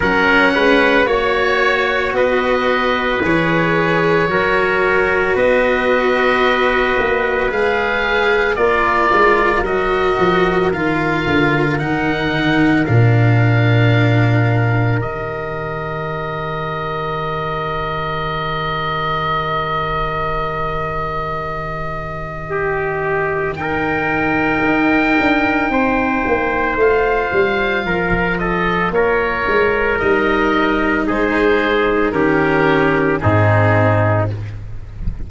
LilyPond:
<<
  \new Staff \with { instrumentName = "oboe" } { \time 4/4 \tempo 4 = 56 fis''4 cis''4 dis''4 cis''4~ | cis''4 dis''2 f''4 | d''4 dis''4 f''4 fis''4 | f''2 dis''2~ |
dis''1~ | dis''2 g''2~ | g''4 f''4. dis''8 cis''4 | dis''4 c''4 ais'4 gis'4 | }
  \new Staff \with { instrumentName = "trumpet" } { \time 4/4 ais'8 b'8 cis''4 b'2 | ais'4 b'2. | ais'1~ | ais'1~ |
ais'1~ | ais'4 g'4 ais'2 | c''2 ais'8 a'8 ais'4~ | ais'4 gis'4 g'4 dis'4 | }
  \new Staff \with { instrumentName = "cello" } { \time 4/4 cis'4 fis'2 gis'4 | fis'2. gis'4 | f'4 fis'4 f'4 dis'4 | d'2 g'2~ |
g'1~ | g'2 dis'2~ | dis'4 f'2. | dis'2 cis'4 c'4 | }
  \new Staff \with { instrumentName = "tuba" } { \time 4/4 fis8 gis8 ais4 b4 e4 | fis4 b4. ais8 gis4 | ais8 gis8 fis8 f8 dis8 d8 dis4 | ais,2 dis2~ |
dis1~ | dis2. dis'8 d'8 | c'8 ais8 a8 g8 f4 ais8 gis8 | g4 gis4 dis4 gis,4 | }
>>